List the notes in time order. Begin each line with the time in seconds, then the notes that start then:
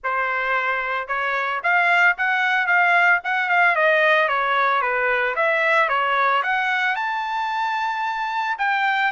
0.03 C5
1.07 C#5
1.63 F5
2.17 F#5
2.66 F5
3.24 F#5
3.49 F5
3.75 D#5
4.28 C#5
4.81 B4
5.35 E5
5.88 C#5
6.42 F#5
6.95 A5
8.58 G5